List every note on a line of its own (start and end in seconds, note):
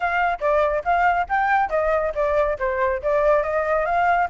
0.00 0.39 F5
0.40 0.83 D5
0.84 1.27 F5
1.28 1.69 G5
1.69 2.12 D#5
2.14 2.57 D5
2.59 3.01 C5
3.02 3.43 D5
3.43 3.85 D#5
3.85 4.28 F5